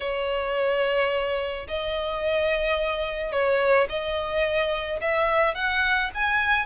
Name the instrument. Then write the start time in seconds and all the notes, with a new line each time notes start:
violin
0.00 C#5
1.67 D#5
3.32 C#5
3.89 D#5
5.01 E5
5.54 F#5
6.14 G#5